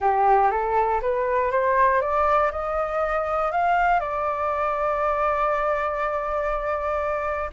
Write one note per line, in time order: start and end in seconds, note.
0.00 0.50 G4
0.50 1.00 A4
1.01 1.51 B4
1.51 2.01 C5
2.01 2.51 D5
2.51 3.51 D#5
3.51 4.00 F5
4.00 7.50 D5